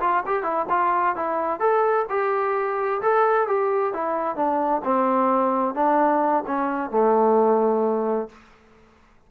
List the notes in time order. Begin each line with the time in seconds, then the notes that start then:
0.00 F4
0.26 G4
0.43 E4
0.69 F4
1.16 E4
1.60 A4
2.09 G4
3.02 A4
3.47 G4
3.93 E4
4.36 D4
4.84 C4
5.74 D4
6.47 C#4
6.90 A3